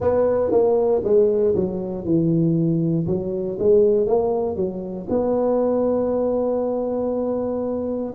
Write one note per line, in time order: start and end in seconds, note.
0.00 0.51 B3
0.51 1.02 A#3
1.04 1.54 G#3
1.55 2.04 F#3
2.04 3.06 E3
3.06 3.57 F#3
3.59 4.07 G#3
4.07 4.56 A#3
4.56 5.07 F#3
5.08 8.14 B3